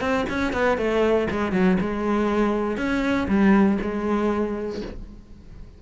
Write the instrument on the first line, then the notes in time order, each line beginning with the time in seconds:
cello
0.00 C4
0.29 C#4
0.52 B3
0.77 A3
1.30 G#3
1.52 F#3
1.80 G#3
2.77 C#4
3.28 G3
3.81 G#3